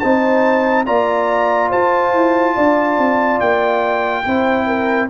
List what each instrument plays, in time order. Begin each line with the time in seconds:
0.00 tuba C4, trombone D#4, horn C5, trumpet A5
0.86 tuba A#3, trombone F4, horn D5, trumpet A#5
1.70 tuba F4, horn C5, trumpet A5
2.14 tuba E4
2.55 tuba D4, horn D5
2.98 tuba C4
3.40 tuba A#3, trumpet G5
4.24 tuba C4, trombone E4, horn C5
4.67 horn A#4